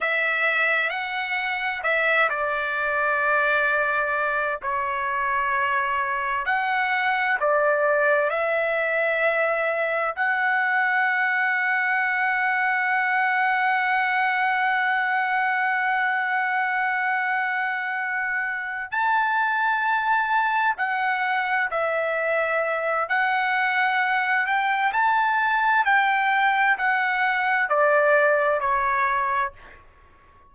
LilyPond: \new Staff \with { instrumentName = "trumpet" } { \time 4/4 \tempo 4 = 65 e''4 fis''4 e''8 d''4.~ | d''4 cis''2 fis''4 | d''4 e''2 fis''4~ | fis''1~ |
fis''1~ | fis''8 a''2 fis''4 e''8~ | e''4 fis''4. g''8 a''4 | g''4 fis''4 d''4 cis''4 | }